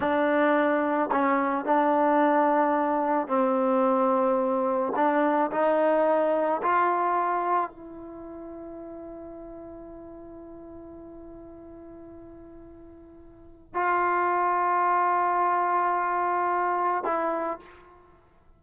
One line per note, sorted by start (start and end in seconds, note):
0.00 1.10 D4
1.11 1.65 C#4
1.65 3.27 D4
3.27 4.92 C4
4.95 5.50 D4
5.51 6.61 D#4
6.62 7.70 F4
7.70 13.74 E4
13.74 17.04 F4
17.04 17.59 E4